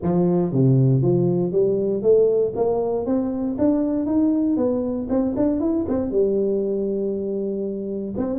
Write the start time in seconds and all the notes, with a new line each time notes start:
0.02 F3
0.52 C3
1.01 F3
1.52 G3
2.02 A3
2.55 A#3
3.06 C4
3.58 D4
4.06 D#4
4.56 B3
5.09 C4
5.36 D4
5.60 E4
5.88 C4
6.11 G3
8.17 C4